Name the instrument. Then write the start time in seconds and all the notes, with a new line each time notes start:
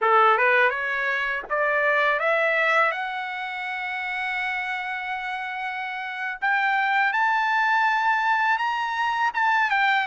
trumpet
0.01 A4
0.37 B4
0.70 C#5
1.49 D5
2.19 E5
2.91 F#5
6.41 G5
7.12 A5
8.58 A#5
9.34 A5
9.70 G5